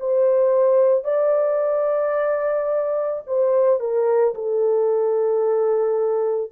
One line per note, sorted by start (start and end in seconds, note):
0.00 1.04 C5
1.04 3.22 D5
3.27 3.80 C5
3.80 4.34 A#4
4.34 6.52 A4